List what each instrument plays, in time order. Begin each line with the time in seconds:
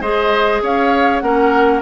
0.00 bassoon G#3, clarinet G#4, oboe C5, flute D#5
0.62 bassoon C#4, oboe C#5, flute F5
1.19 bassoon A#3, clarinet C#4, oboe A#4, flute F#5